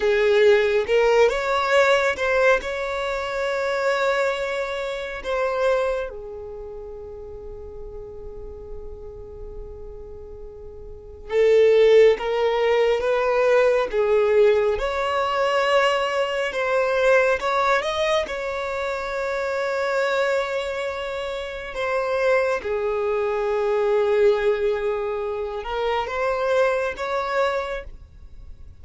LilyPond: \new Staff \with { instrumentName = "violin" } { \time 4/4 \tempo 4 = 69 gis'4 ais'8 cis''4 c''8 cis''4~ | cis''2 c''4 gis'4~ | gis'1~ | gis'4 a'4 ais'4 b'4 |
gis'4 cis''2 c''4 | cis''8 dis''8 cis''2.~ | cis''4 c''4 gis'2~ | gis'4. ais'8 c''4 cis''4 | }